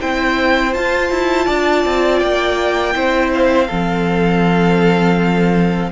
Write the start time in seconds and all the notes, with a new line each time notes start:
0.00 C4 E4 C5 G5
0.73 F4 A5
1.10 E4
1.46 D4 D5
1.85 C4
2.19 A#3 G5
2.94 C4 E4 C5
3.34 F5
3.68 F3 C4 A4